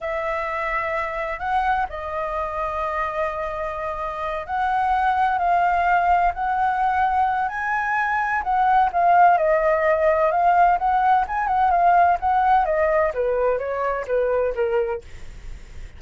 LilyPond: \new Staff \with { instrumentName = "flute" } { \time 4/4 \tempo 4 = 128 e''2. fis''4 | dis''1~ | dis''4. fis''2 f''8~ | f''4. fis''2~ fis''8 |
gis''2 fis''4 f''4 | dis''2 f''4 fis''4 | gis''8 fis''8 f''4 fis''4 dis''4 | b'4 cis''4 b'4 ais'4 | }